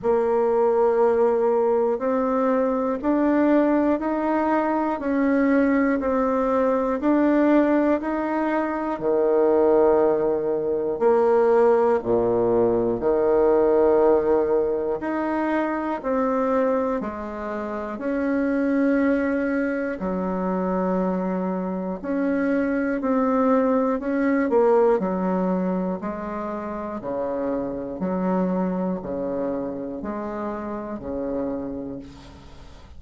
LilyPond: \new Staff \with { instrumentName = "bassoon" } { \time 4/4 \tempo 4 = 60 ais2 c'4 d'4 | dis'4 cis'4 c'4 d'4 | dis'4 dis2 ais4 | ais,4 dis2 dis'4 |
c'4 gis4 cis'2 | fis2 cis'4 c'4 | cis'8 ais8 fis4 gis4 cis4 | fis4 cis4 gis4 cis4 | }